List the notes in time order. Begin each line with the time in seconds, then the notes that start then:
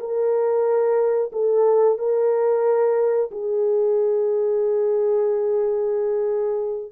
0.00 A#4
1.33 A4
1.99 A#4
3.32 G#4